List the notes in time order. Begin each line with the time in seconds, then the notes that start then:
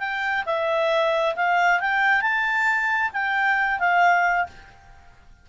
0.00 G5
0.46 E5
1.36 F5
1.81 G5
2.22 A5
3.13 G5
3.80 F5